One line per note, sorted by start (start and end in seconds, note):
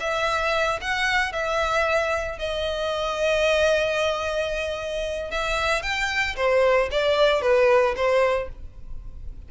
0.00 0.80 E5
0.81 1.33 F#5
1.33 2.39 E5
2.39 5.31 D#5
5.31 5.82 E5
5.82 6.35 G5
6.36 6.89 C5
6.91 7.42 D5
7.42 7.95 B4
7.96 8.49 C5